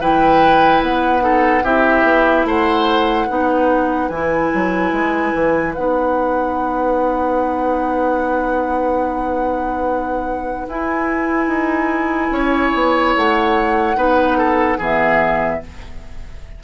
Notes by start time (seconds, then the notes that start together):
0.00 E3 E4 B4 G5
0.81 B3 F#5
1.20 D#4 A4
1.63 C4 E4 G4 E5
2.03 B3
2.45 A3 C5 F#5
3.27 B3 D#4 B4
4.09 E3 E4 G#5
4.54 F#3
4.92 G#3
5.34 E3
5.74 B3 D#4 F#5
10.67 E4 G#5
11.47 D#4
12.30 C#4 C#5
12.74 B3
13.16 A3 F#5
13.96 B3 D#4 B4
14.38 A4
14.78 E3 B3 G#4 E5